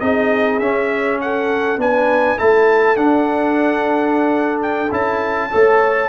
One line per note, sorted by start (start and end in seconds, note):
0.00 0.59 C4
0.00 0.60 D#4
0.00 1.20 G#4
0.00 0.59 D#5
0.59 1.77 C#4
0.59 1.78 C#4
0.59 1.19 E5
1.21 1.81 A4
1.21 1.80 F#5
1.77 2.37 B3
1.77 2.38 D4
1.77 2.38 B4
1.77 2.38 G#5
2.38 2.97 A3
2.38 2.96 E4
2.38 5.50 A4
2.38 2.96 A5
2.96 4.89 D4
2.96 4.90 D4
2.96 4.60 F#5
4.62 4.92 G5
4.91 5.51 C#4
4.91 5.50 E4
4.91 6.08 A5
5.50 6.08 A3
5.50 6.08 A4
5.50 6.08 C#5